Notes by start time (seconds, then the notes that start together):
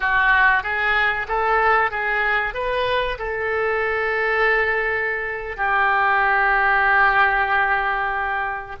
0.00 F#4
0.63 G#4
1.28 A4
1.91 G#4
2.54 B4
3.18 A4
5.56 G4